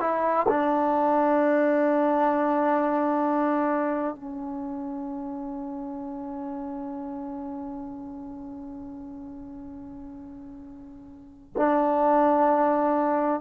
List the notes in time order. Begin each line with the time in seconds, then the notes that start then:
0.00 E4
0.48 D4
4.15 C#4
11.56 D4